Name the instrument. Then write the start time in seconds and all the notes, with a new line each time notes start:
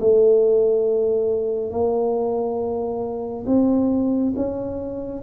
tuba
0.00 A3
1.71 A#3
3.47 C4
4.36 C#4